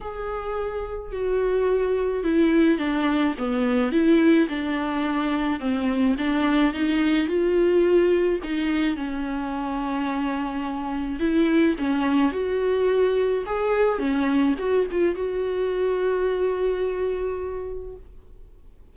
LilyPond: \new Staff \with { instrumentName = "viola" } { \time 4/4 \tempo 4 = 107 gis'2 fis'2 | e'4 d'4 b4 e'4 | d'2 c'4 d'4 | dis'4 f'2 dis'4 |
cis'1 | e'4 cis'4 fis'2 | gis'4 cis'4 fis'8 f'8 fis'4~ | fis'1 | }